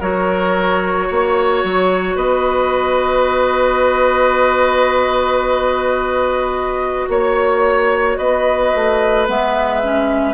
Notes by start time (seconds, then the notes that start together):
0.00 F#3 F#4 A#4 C#5
1.07 A#3 C#5
1.64 F#3
2.15 B3 B4 D#5
7.08 A#3 C#5
8.17 B3 B4 D#5
8.75 A3
9.28 G#3 B3 E5
9.83 C#4